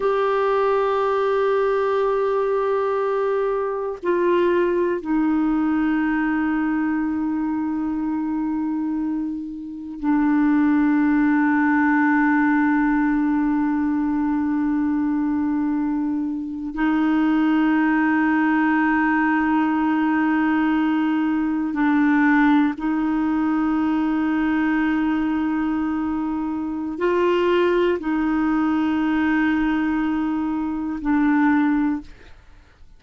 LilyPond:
\new Staff \with { instrumentName = "clarinet" } { \time 4/4 \tempo 4 = 60 g'1 | f'4 dis'2.~ | dis'2 d'2~ | d'1~ |
d'8. dis'2.~ dis'16~ | dis'4.~ dis'16 d'4 dis'4~ dis'16~ | dis'2. f'4 | dis'2. d'4 | }